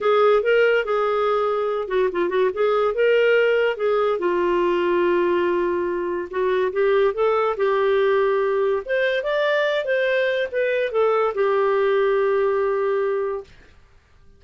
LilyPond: \new Staff \with { instrumentName = "clarinet" } { \time 4/4 \tempo 4 = 143 gis'4 ais'4 gis'2~ | gis'8 fis'8 f'8 fis'8 gis'4 ais'4~ | ais'4 gis'4 f'2~ | f'2. fis'4 |
g'4 a'4 g'2~ | g'4 c''4 d''4. c''8~ | c''4 b'4 a'4 g'4~ | g'1 | }